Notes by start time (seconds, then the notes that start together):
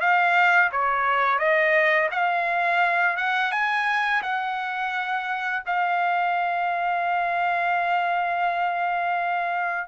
0.00 F5
0.72 C#5
1.38 D#5
2.11 F5
3.16 F#5
3.51 G#5
4.22 F#5
5.66 F5